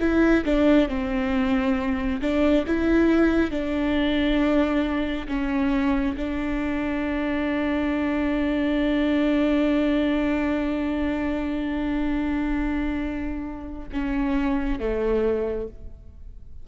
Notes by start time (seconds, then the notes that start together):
0.00 E4
0.45 D4
0.88 C4
2.21 D4
2.67 E4
3.51 D4
5.28 C#4
6.16 D4
13.93 C#4
14.79 A3